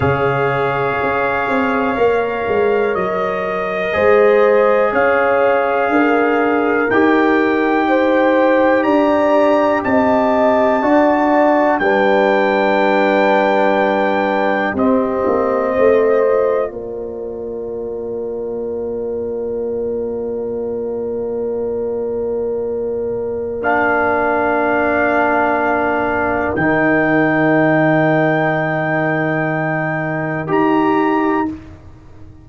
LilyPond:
<<
  \new Staff \with { instrumentName = "trumpet" } { \time 4/4 \tempo 4 = 61 f''2. dis''4~ | dis''4 f''2 g''4~ | g''4 ais''4 a''2 | g''2. dis''4~ |
dis''4 d''2.~ | d''1 | f''2. g''4~ | g''2. ais''4 | }
  \new Staff \with { instrumentName = "horn" } { \time 4/4 cis''1 | c''4 cis''4 ais'2 | c''4 d''4 dis''4 d''4 | b'2. g'4 |
c''4 ais'2.~ | ais'1~ | ais'1~ | ais'1 | }
  \new Staff \with { instrumentName = "trombone" } { \time 4/4 gis'2 ais'2 | gis'2. g'4~ | g'2. fis'4 | d'2. c'4~ |
c'8 f'2.~ f'8~ | f'1 | d'2. dis'4~ | dis'2. g'4 | }
  \new Staff \with { instrumentName = "tuba" } { \time 4/4 cis4 cis'8 c'8 ais8 gis8 fis4 | gis4 cis'4 d'4 dis'4~ | dis'4 d'4 c'4 d'4 | g2. c'8 ais8 |
a4 ais2.~ | ais1~ | ais2. dis4~ | dis2. dis'4 | }
>>